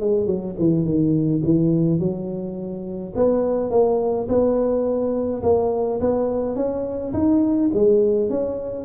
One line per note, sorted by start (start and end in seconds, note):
0.00 0.26 G#3
0.26 0.55 F#3
0.58 0.84 E3
0.84 1.42 D#3
1.44 1.99 E3
1.99 3.13 F#3
3.15 3.70 B3
3.70 4.27 A#3
4.28 5.42 B3
5.43 6.00 A#3
6.00 6.55 B3
6.55 7.12 C#4
7.13 7.70 D#4
7.73 8.29 G#3
8.29 8.84 C#4